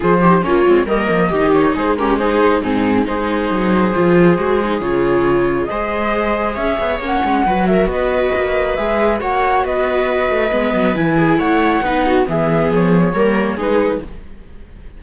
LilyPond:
<<
  \new Staff \with { instrumentName = "flute" } { \time 4/4 \tempo 4 = 137 c''4 cis''4 dis''4. cis''8 | c''8 ais'8 c''4 gis'4 c''4~ | c''2. cis''4~ | cis''4 dis''2 e''4 |
fis''4. e''8 dis''2 | e''4 fis''4 dis''2~ | dis''4 gis''4 fis''2 | e''4 cis''2 b'4 | }
  \new Staff \with { instrumentName = "viola" } { \time 4/4 gis'8 g'8 f'4 ais'4 g'4 | gis'8 g'8 gis'4 dis'4 gis'4~ | gis'1~ | gis'4 c''2 cis''4~ |
cis''4 b'8 ais'8 b'2~ | b'4 cis''4 b'2~ | b'4. gis'8 cis''4 b'8 fis'8 | gis'2 ais'4 gis'4 | }
  \new Staff \with { instrumentName = "viola" } { \time 4/4 f'8 dis'8 cis'8 c'8 ais4 dis'4~ | dis'8 cis'8 dis'4 c'4 dis'4~ | dis'4 f'4 fis'8 dis'8 f'4~ | f'4 gis'2. |
cis'4 fis'2. | gis'4 fis'2. | b4 e'2 dis'4 | b2 ais4 dis'4 | }
  \new Staff \with { instrumentName = "cello" } { \time 4/4 f4 ais8 gis8 g8 f8 dis4 | gis2 gis,4 gis4 | fis4 f4 gis4 cis4~ | cis4 gis2 cis'8 b8 |
ais8 gis8 fis4 b4 ais4 | gis4 ais4 b4. a8 | gis8 fis8 e4 a4 b4 | e4 f4 g4 gis4 | }
>>